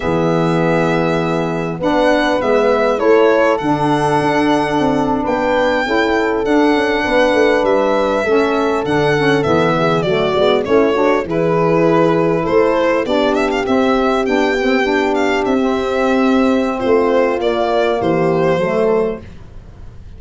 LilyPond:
<<
  \new Staff \with { instrumentName = "violin" } { \time 4/4 \tempo 4 = 100 e''2. fis''4 | e''4 cis''4 fis''2~ | fis''8. g''2 fis''4~ fis''16~ | fis''8. e''2 fis''4 e''16~ |
e''8. d''4 cis''4 b'4~ b'16~ | b'8. c''4 d''8 e''16 f''16 e''4 g''16~ | g''4~ g''16 f''8 e''2~ e''16 | c''4 d''4 c''2 | }
  \new Staff \with { instrumentName = "horn" } { \time 4/4 gis'2. b'4~ | b'4 a'2.~ | a'8. b'4 a'2 b'16~ | b'4.~ b'16 a'2~ a'16~ |
a'16 gis'8 fis'4 e'8 fis'8 gis'4~ gis'16~ | gis'8. a'4 g'2~ g'16~ | g'1 | f'2 g'4 a'4 | }
  \new Staff \with { instrumentName = "saxophone" } { \time 4/4 b2. d'4 | b4 e'4 d'2~ | d'4.~ d'16 e'4 d'4~ d'16~ | d'4.~ d'16 cis'4 d'8 cis'8 b16~ |
b8. a8 b8 cis'8 d'8 e'4~ e'16~ | e'4.~ e'16 d'4 c'4 d'16~ | d'16 c'8 d'4~ d'16 c'2~ | c'4 ais2 a4 | }
  \new Staff \with { instrumentName = "tuba" } { \time 4/4 e2. b4 | gis4 a4 d4 d'4 | c'8. b4 cis'4 d'8 cis'8 b16~ | b16 a8 g4 a4 d4 e16~ |
e8. fis8 gis8 a4 e4~ e16~ | e8. a4 b4 c'4 b16~ | b4.~ b16 c'2~ c'16 | a4 ais4 e4 fis4 | }
>>